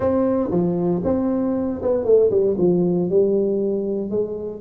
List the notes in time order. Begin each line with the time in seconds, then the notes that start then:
0.00 C4
0.50 F3
1.04 C4
1.81 B3
2.04 A3
2.30 G3
2.58 F3
3.09 G3
4.10 G#3